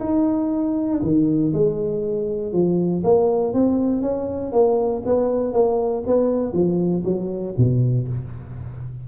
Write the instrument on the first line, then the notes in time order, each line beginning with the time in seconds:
tuba
0.00 D#4
1.02 D#3
1.53 G#3
2.53 F3
3.04 A#3
3.54 C4
4.02 C#4
4.52 A#3
5.06 B3
5.53 A#3
6.07 B3
6.53 F3
7.04 F#3
7.57 B2